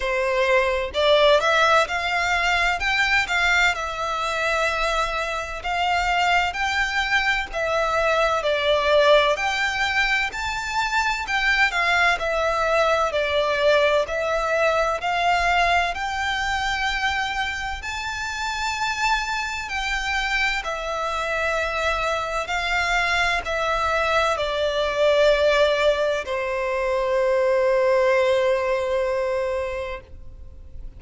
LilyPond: \new Staff \with { instrumentName = "violin" } { \time 4/4 \tempo 4 = 64 c''4 d''8 e''8 f''4 g''8 f''8 | e''2 f''4 g''4 | e''4 d''4 g''4 a''4 | g''8 f''8 e''4 d''4 e''4 |
f''4 g''2 a''4~ | a''4 g''4 e''2 | f''4 e''4 d''2 | c''1 | }